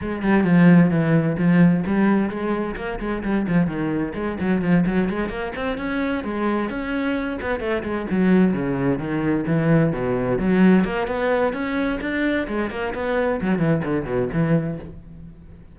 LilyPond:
\new Staff \with { instrumentName = "cello" } { \time 4/4 \tempo 4 = 130 gis8 g8 f4 e4 f4 | g4 gis4 ais8 gis8 g8 f8 | dis4 gis8 fis8 f8 fis8 gis8 ais8 | c'8 cis'4 gis4 cis'4. |
b8 a8 gis8 fis4 cis4 dis8~ | dis8 e4 b,4 fis4 ais8 | b4 cis'4 d'4 gis8 ais8 | b4 fis8 e8 d8 b,8 e4 | }